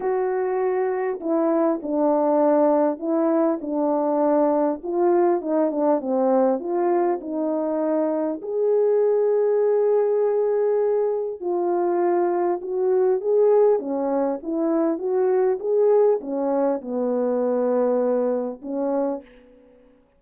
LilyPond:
\new Staff \with { instrumentName = "horn" } { \time 4/4 \tempo 4 = 100 fis'2 e'4 d'4~ | d'4 e'4 d'2 | f'4 dis'8 d'8 c'4 f'4 | dis'2 gis'2~ |
gis'2. f'4~ | f'4 fis'4 gis'4 cis'4 | e'4 fis'4 gis'4 cis'4 | b2. cis'4 | }